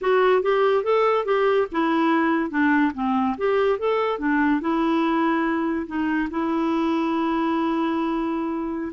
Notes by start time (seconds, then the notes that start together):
0.01 F#4
0.42 G4
0.83 A4
1.25 G4
1.71 E4
2.50 D4
2.94 C4
3.37 G4
3.78 A4
4.18 D4
4.60 E4
5.86 D#4
6.30 E4